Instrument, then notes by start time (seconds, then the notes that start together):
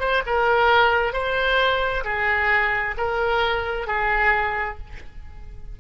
oboe
0.00 C5
0.26 A#4
1.13 C5
2.05 G#4
2.98 A#4
3.87 G#4